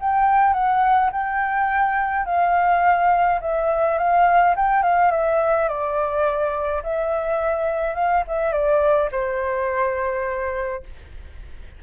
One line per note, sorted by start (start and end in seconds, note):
0.00 0.53 G5
0.53 1.10 F#5
1.12 2.26 G5
2.26 3.40 F5
3.41 3.98 E5
3.98 4.55 F5
4.56 4.83 G5
4.83 5.11 F5
5.11 5.68 E5
5.68 6.83 D5
6.83 7.95 E5
7.95 8.24 F5
8.28 8.52 E5
8.52 9.10 D5
9.12 10.83 C5